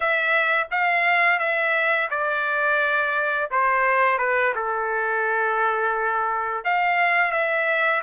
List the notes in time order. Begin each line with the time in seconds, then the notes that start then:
0.00 E5
0.71 F5
1.39 E5
2.10 D5
3.51 C5
4.18 B4
4.55 A4
6.64 F5
7.31 E5